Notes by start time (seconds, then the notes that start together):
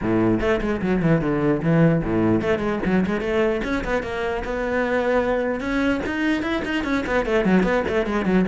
0.01 A2
0.40 A3
0.61 G#3
0.81 F#3
1.02 E3
1.21 D3
1.62 E3
2.03 A2
2.41 A3
2.58 G#3
2.85 F#3
3.05 G#3
3.20 A3
3.64 C#4
3.84 B3
4.03 A#3
4.44 B3
5.60 C#4
6.05 D#4
6.42 E4
6.64 D#4
6.84 C#4
7.06 B3
7.25 A3
7.44 F#3
7.63 B3
7.88 A3
8.06 G#3
8.25 F#3